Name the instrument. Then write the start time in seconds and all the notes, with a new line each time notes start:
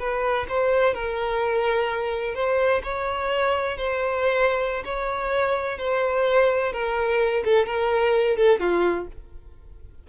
violin
0.00 B4
0.49 C5
0.95 A#4
2.35 C5
2.84 C#5
3.78 C5
4.85 C#5
5.79 C5
6.73 A#4
7.45 A4
7.67 A#4
8.37 A4
8.60 F4